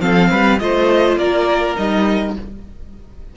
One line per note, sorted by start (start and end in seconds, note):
0.00 0.29 F3
0.00 0.58 C4
0.00 0.30 A4
0.00 0.59 F5
0.30 0.60 G3
0.30 0.59 B4
0.59 1.17 A3
0.59 1.76 F4
0.59 1.18 C5
0.59 1.17 D#5
1.17 1.75 A#3
1.17 2.35 A#4
1.17 1.76 D5
1.76 2.36 G3
1.76 2.35 D#4
1.76 2.35 D#5